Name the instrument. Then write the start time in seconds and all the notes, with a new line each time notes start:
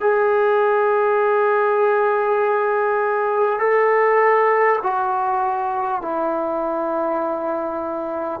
trombone
0.00 G#4
3.59 A4
4.82 F#4
6.01 E4